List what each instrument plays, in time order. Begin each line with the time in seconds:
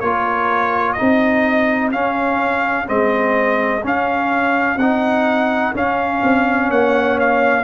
0.00 tuba A#3, trombone F4, horn A#4, trumpet C#5
0.93 trombone D#4, horn G#4, trumpet D#5
1.00 tuba C4
1.92 trombone C#4, tuba C#4, trumpet F5
2.86 tuba G#3, trombone C4, trumpet D#5
3.84 trombone C#4, tuba C#4, trumpet F5
4.76 tuba C4, trombone D#4, trumpet F#5
5.74 trombone C#4, tuba C#4, trumpet F5
6.23 tuba C4
6.68 tuba A#3, horn C#5, trumpet F#5
7.20 trumpet F5